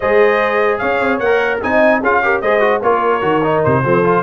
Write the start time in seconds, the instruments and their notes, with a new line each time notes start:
0.00 tuba G#3, trombone G#4, horn C5, trumpet D#5
0.78 tuba C#4, horn C#5, trumpet F5
1.00 tuba C4
1.19 tuba A#3, trumpet F#5
1.25 trombone A#4
1.62 tuba C4, trombone D#4, horn D#5, trumpet G#5
2.01 tuba C#4, trombone F4, horn G#4, trumpet F5
2.23 trombone G4, horn A#4
2.41 tuba G#3, trombone G#4, horn C5, trumpet D#5
2.60 trombone F#4
2.82 tuba A#3, trombone F4, horn A#4, trumpet C#5
3.21 tuba D#3, trombone F#4
3.43 trombone D#4
3.63 tuba C3, trumpet C5
3.84 tuba F3, trombone C4, horn A4
4.04 trombone F4